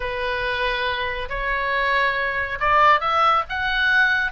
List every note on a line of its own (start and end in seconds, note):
0.00 1.28 B4
1.29 2.58 C#5
2.60 3.00 D5
3.00 3.43 E5
3.49 4.32 F#5